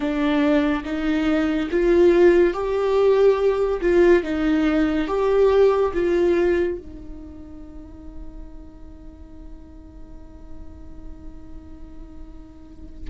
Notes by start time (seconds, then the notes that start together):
0.00 D4
0.84 D#4
1.71 F4
2.54 G4
3.81 F4
4.23 D#4
5.07 G4
5.93 F4
6.78 D#4